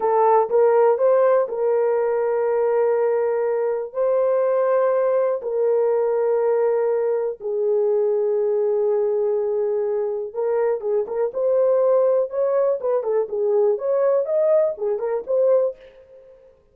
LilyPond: \new Staff \with { instrumentName = "horn" } { \time 4/4 \tempo 4 = 122 a'4 ais'4 c''4 ais'4~ | ais'1 | c''2. ais'4~ | ais'2. gis'4~ |
gis'1~ | gis'4 ais'4 gis'8 ais'8 c''4~ | c''4 cis''4 b'8 a'8 gis'4 | cis''4 dis''4 gis'8 ais'8 c''4 | }